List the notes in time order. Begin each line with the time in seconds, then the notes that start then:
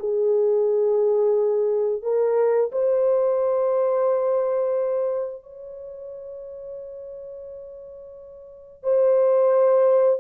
0.00 G#4
2.03 A#4
2.72 C5
5.43 C#5
8.83 C5